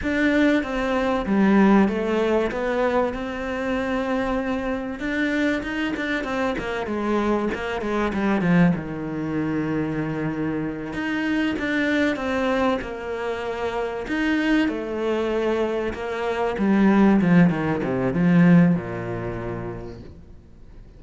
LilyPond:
\new Staff \with { instrumentName = "cello" } { \time 4/4 \tempo 4 = 96 d'4 c'4 g4 a4 | b4 c'2. | d'4 dis'8 d'8 c'8 ais8 gis4 | ais8 gis8 g8 f8 dis2~ |
dis4. dis'4 d'4 c'8~ | c'8 ais2 dis'4 a8~ | a4. ais4 g4 f8 | dis8 c8 f4 ais,2 | }